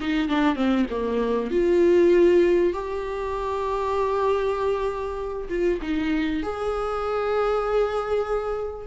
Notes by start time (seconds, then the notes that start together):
0.00 D#4
0.28 D4
0.55 C4
0.90 A#3
1.50 F4
2.73 G4
5.49 F4
5.81 D#4
6.43 G#4